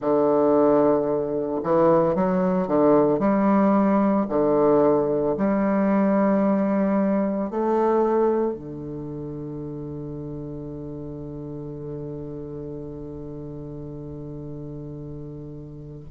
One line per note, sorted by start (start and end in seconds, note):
0.00 1.61 D3
1.63 2.15 E3
2.15 2.67 F#3
2.67 3.19 D3
3.19 4.26 G3
4.29 5.36 D3
5.37 7.50 G3
7.50 8.53 A3
8.53 16.03 D3